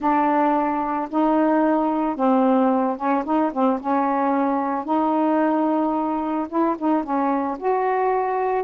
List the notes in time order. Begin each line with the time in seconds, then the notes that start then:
0.00 D4
1.10 D#4
2.16 C4
2.97 C#4
3.24 D#4
3.52 C4
3.80 C#4
4.85 D#4
6.48 E4
6.78 D#4
7.03 C#4
7.58 F#4